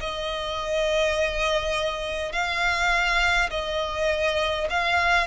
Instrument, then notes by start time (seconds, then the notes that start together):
violin
0.00 D#5
2.32 F5
3.50 D#5
4.70 F5